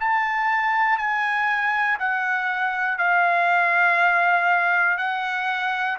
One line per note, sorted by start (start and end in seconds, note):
0.00 0.98 A5
0.98 1.98 G#5
1.99 2.98 F#5
2.98 4.98 F5
4.98 5.98 F#5